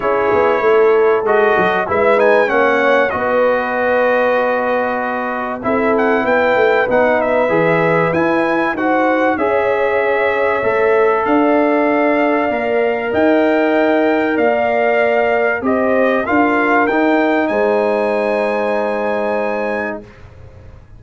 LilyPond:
<<
  \new Staff \with { instrumentName = "trumpet" } { \time 4/4 \tempo 4 = 96 cis''2 dis''4 e''8 gis''8 | fis''4 dis''2.~ | dis''4 e''8 fis''8 g''4 fis''8 e''8~ | e''4 gis''4 fis''4 e''4~ |
e''2 f''2~ | f''4 g''2 f''4~ | f''4 dis''4 f''4 g''4 | gis''1 | }
  \new Staff \with { instrumentName = "horn" } { \time 4/4 gis'4 a'2 b'4 | cis''4 b'2.~ | b'4 a'4 b'2~ | b'2 c''4 cis''4~ |
cis''2 d''2~ | d''4 dis''2 d''4~ | d''4 c''4 ais'2 | c''1 | }
  \new Staff \with { instrumentName = "trombone" } { \time 4/4 e'2 fis'4 e'8 dis'8 | cis'4 fis'2.~ | fis'4 e'2 dis'4 | gis'4 e'4 fis'4 gis'4~ |
gis'4 a'2. | ais'1~ | ais'4 g'4 f'4 dis'4~ | dis'1 | }
  \new Staff \with { instrumentName = "tuba" } { \time 4/4 cis'8 b8 a4 gis8 fis8 gis4 | ais4 b2.~ | b4 c'4 b8 a8 b4 | e4 e'4 dis'4 cis'4~ |
cis'4 a4 d'2 | ais4 dis'2 ais4~ | ais4 c'4 d'4 dis'4 | gis1 | }
>>